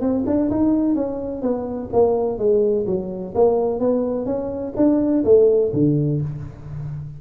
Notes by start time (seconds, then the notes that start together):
0.00 C4
0.26 D4
0.50 D#4
0.95 C#4
1.42 B3
1.92 A#3
2.38 G#3
2.86 F#3
3.35 A#3
3.79 B3
4.26 C#4
4.76 D4
5.24 A3
5.73 D3